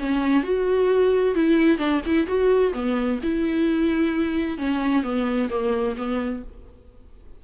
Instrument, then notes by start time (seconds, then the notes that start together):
viola
0.00 C#4
0.43 F#4
1.35 E4
1.78 D4
2.06 E4
2.27 F#4
2.74 B3
3.23 E4
4.58 C#4
5.03 B3
5.50 A#3
5.97 B3